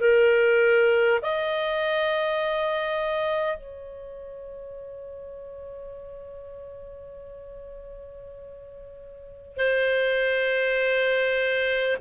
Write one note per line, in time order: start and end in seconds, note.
0.00 1.20 A#4
1.22 3.57 D#5
3.57 9.57 C#5
9.57 11.97 C5